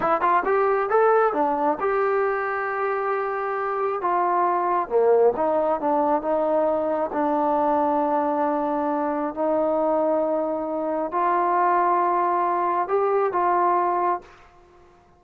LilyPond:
\new Staff \with { instrumentName = "trombone" } { \time 4/4 \tempo 4 = 135 e'8 f'8 g'4 a'4 d'4 | g'1~ | g'4 f'2 ais4 | dis'4 d'4 dis'2 |
d'1~ | d'4 dis'2.~ | dis'4 f'2.~ | f'4 g'4 f'2 | }